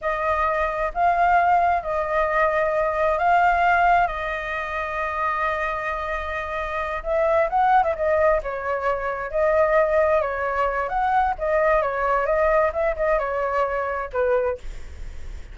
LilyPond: \new Staff \with { instrumentName = "flute" } { \time 4/4 \tempo 4 = 132 dis''2 f''2 | dis''2. f''4~ | f''4 dis''2.~ | dis''2.~ dis''8 e''8~ |
e''8 fis''8. e''16 dis''4 cis''4.~ | cis''8 dis''2 cis''4. | fis''4 dis''4 cis''4 dis''4 | e''8 dis''8 cis''2 b'4 | }